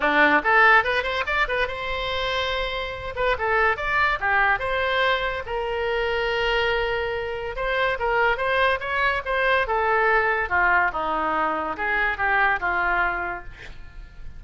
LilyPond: \new Staff \with { instrumentName = "oboe" } { \time 4/4 \tempo 4 = 143 d'4 a'4 b'8 c''8 d''8 b'8 | c''2.~ c''8 b'8 | a'4 d''4 g'4 c''4~ | c''4 ais'2.~ |
ais'2 c''4 ais'4 | c''4 cis''4 c''4 a'4~ | a'4 f'4 dis'2 | gis'4 g'4 f'2 | }